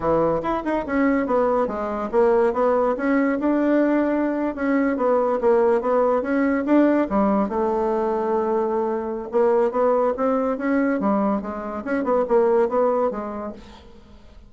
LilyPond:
\new Staff \with { instrumentName = "bassoon" } { \time 4/4 \tempo 4 = 142 e4 e'8 dis'8 cis'4 b4 | gis4 ais4 b4 cis'4 | d'2~ d'8. cis'4 b16~ | b8. ais4 b4 cis'4 d'16~ |
d'8. g4 a2~ a16~ | a2 ais4 b4 | c'4 cis'4 g4 gis4 | cis'8 b8 ais4 b4 gis4 | }